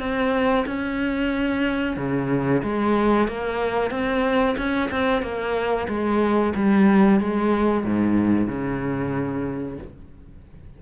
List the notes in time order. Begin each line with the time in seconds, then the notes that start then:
0.00 C4
0.67 C#4
1.97 C#3
2.63 G#3
3.28 A#3
3.91 C4
4.57 C#4
4.91 C4
5.22 A#3
5.88 G#3
6.55 G3
7.20 G#3
7.84 G#2
8.47 C#3